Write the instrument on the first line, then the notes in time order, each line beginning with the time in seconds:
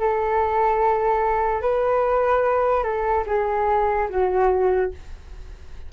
flute
0.00 A4
1.62 B4
2.84 A4
3.27 G#4
4.10 F#4